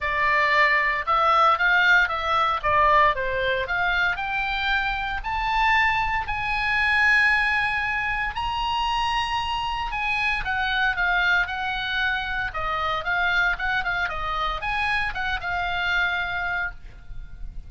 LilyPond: \new Staff \with { instrumentName = "oboe" } { \time 4/4 \tempo 4 = 115 d''2 e''4 f''4 | e''4 d''4 c''4 f''4 | g''2 a''2 | gis''1 |
ais''2. gis''4 | fis''4 f''4 fis''2 | dis''4 f''4 fis''8 f''8 dis''4 | gis''4 fis''8 f''2~ f''8 | }